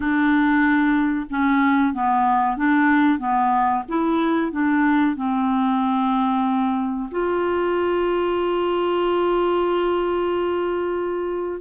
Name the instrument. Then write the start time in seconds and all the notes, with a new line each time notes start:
clarinet
0.00 D4
1.30 C#4
1.93 B3
2.56 D4
3.18 B3
3.88 E4
4.52 D4
5.16 C4
7.11 F4